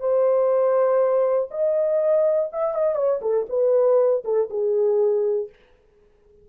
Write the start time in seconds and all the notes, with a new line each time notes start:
0.00 C5
1.51 D#5
2.52 E5
2.75 D#5
2.95 C#5
3.22 A4
3.49 B4
4.24 A4
4.50 G#4